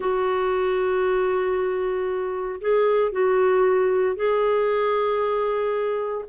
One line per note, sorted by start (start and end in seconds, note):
0.00 2.60 F#4
2.60 3.12 G#4
3.12 4.16 F#4
4.16 6.24 G#4